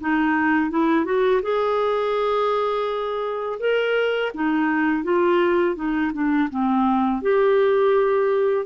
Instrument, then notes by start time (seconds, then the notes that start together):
clarinet
0.00 D#4
0.70 E4
1.05 F#4
1.42 G#4
3.59 A#4
4.34 D#4
5.04 F4
5.76 D#4
6.13 D4
6.50 C4
7.22 G4